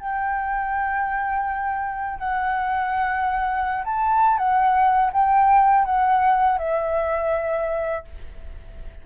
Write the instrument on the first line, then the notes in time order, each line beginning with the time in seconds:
flute
0.00 G5
2.20 F#5
3.85 A5
4.38 F#5
5.13 G5
5.85 F#5
6.59 E5